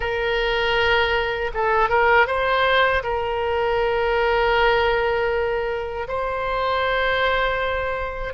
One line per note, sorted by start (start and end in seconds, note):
0.00 1.51 A#4
1.54 1.88 A4
1.88 2.26 A#4
2.26 3.02 C5
3.03 6.07 A#4
6.08 8.33 C5